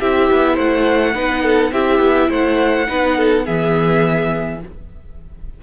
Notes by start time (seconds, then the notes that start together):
0.00 C4 E4 G4 E5
0.31 B3
0.54 A3 C5 F#5
1.14 B3 D#4 B4
1.43 A4
1.71 C4 E4 G4 E5
1.99 B3
2.29 A3 C5 F#5
2.87 B3 D#4 B4
3.17 A4
3.45 E3 B3 G#4 E5